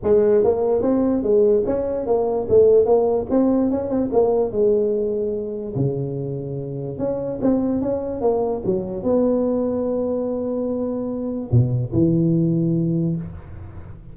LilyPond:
\new Staff \with { instrumentName = "tuba" } { \time 4/4 \tempo 4 = 146 gis4 ais4 c'4 gis4 | cis'4 ais4 a4 ais4 | c'4 cis'8 c'8 ais4 gis4~ | gis2 cis2~ |
cis4 cis'4 c'4 cis'4 | ais4 fis4 b2~ | b1 | b,4 e2. | }